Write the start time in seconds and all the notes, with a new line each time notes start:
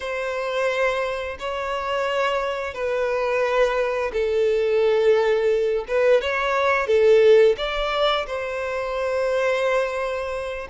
0.00 C5
1.39 C#5
2.73 B4
4.12 A4
5.88 B4
6.21 C#5
6.87 A4
7.57 D5
8.26 C5